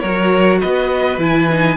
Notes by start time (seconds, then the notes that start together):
0.00 F#3 F#4 A#4 C#5
0.60 B3 B4 D#5
1.18 E3 E4 G#5
1.51 D#4